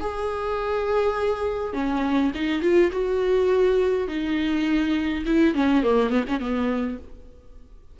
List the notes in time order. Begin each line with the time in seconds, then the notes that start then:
0.00 G#4
1.73 C#4
2.35 D#4
2.62 F4
2.92 F#4
4.08 D#4
5.26 E4
5.54 C#4
5.83 A#3
6.10 B3
6.28 C#4
6.40 B3